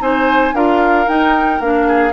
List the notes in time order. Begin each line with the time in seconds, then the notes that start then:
0.00 C4 D#4 C5 G#5
0.53 D4 F4 A#4 F5
1.06 D#4 G5
1.59 A#3 D4 F5
1.87 G#4